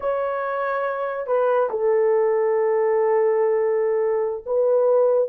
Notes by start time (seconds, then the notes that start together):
0.00 C#5
1.27 B4
1.69 A4
4.46 B4